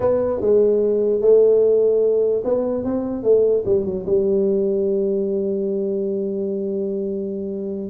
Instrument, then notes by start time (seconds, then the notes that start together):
tuba
0.00 B3
0.41 G#3
1.21 A3
2.44 B3
2.84 C4
3.23 A3
3.65 G3
3.85 F#3
4.05 G3